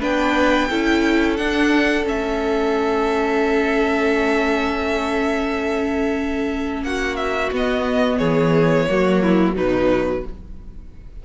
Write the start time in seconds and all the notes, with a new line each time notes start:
0.00 B3 D4 B4 G5
0.70 C#4 E4 A4
1.37 D4 F#5
2.04 A3 C#4 E5
6.82 A#3 F#4 F#5
7.16 E5
7.51 B3 D#5
8.18 E3 G#4 C#5
8.89 F#3 A#3 F#4
9.22 E4
9.54 B2 F#3 D#4 B4